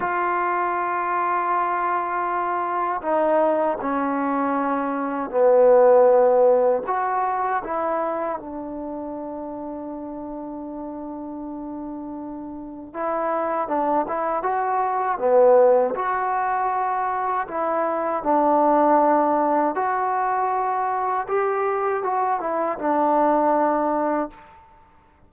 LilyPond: \new Staff \with { instrumentName = "trombone" } { \time 4/4 \tempo 4 = 79 f'1 | dis'4 cis'2 b4~ | b4 fis'4 e'4 d'4~ | d'1~ |
d'4 e'4 d'8 e'8 fis'4 | b4 fis'2 e'4 | d'2 fis'2 | g'4 fis'8 e'8 d'2 | }